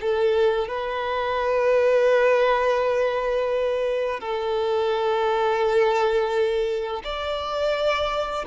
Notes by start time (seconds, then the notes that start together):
0.00 A4
0.68 B4
4.20 A4
7.04 D5